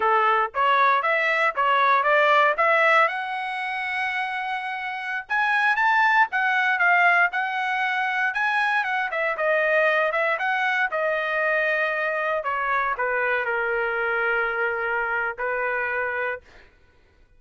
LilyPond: \new Staff \with { instrumentName = "trumpet" } { \time 4/4 \tempo 4 = 117 a'4 cis''4 e''4 cis''4 | d''4 e''4 fis''2~ | fis''2~ fis''16 gis''4 a''8.~ | a''16 fis''4 f''4 fis''4.~ fis''16~ |
fis''16 gis''4 fis''8 e''8 dis''4. e''16~ | e''16 fis''4 dis''2~ dis''8.~ | dis''16 cis''4 b'4 ais'4.~ ais'16~ | ais'2 b'2 | }